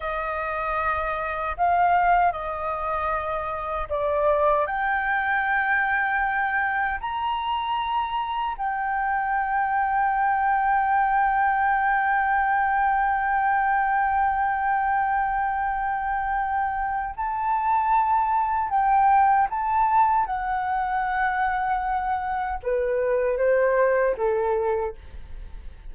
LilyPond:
\new Staff \with { instrumentName = "flute" } { \time 4/4 \tempo 4 = 77 dis''2 f''4 dis''4~ | dis''4 d''4 g''2~ | g''4 ais''2 g''4~ | g''1~ |
g''1~ | g''2 a''2 | g''4 a''4 fis''2~ | fis''4 b'4 c''4 a'4 | }